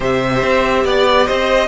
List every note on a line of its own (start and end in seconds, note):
0.00 0.42 C3
0.00 1.67 G4
0.00 0.84 C5
0.00 0.86 E5
0.42 0.84 C4
0.84 1.27 B3
0.84 1.26 D5
0.84 1.27 D5
1.26 1.67 C4
1.26 1.67 C5
1.26 1.67 D#5